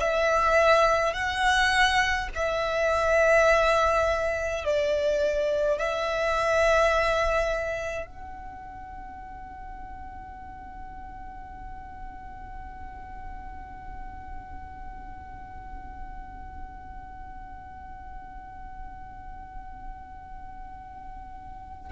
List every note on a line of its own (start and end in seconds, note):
0.00 1.13 E5
1.13 2.28 F#5
2.34 4.64 E5
4.64 5.78 D5
5.78 8.06 E5
8.06 21.91 F#5